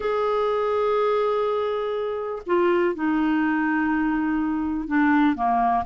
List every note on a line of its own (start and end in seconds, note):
0.00 2.42 G#4
2.46 2.94 F4
2.94 4.87 D#4
4.87 5.35 D4
5.35 5.84 A#3